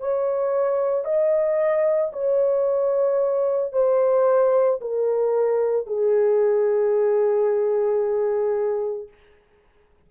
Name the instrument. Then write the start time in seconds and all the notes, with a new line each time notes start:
horn
0.00 C#5
1.05 D#5
2.13 C#5
3.73 C5
4.82 A#4
5.87 G#4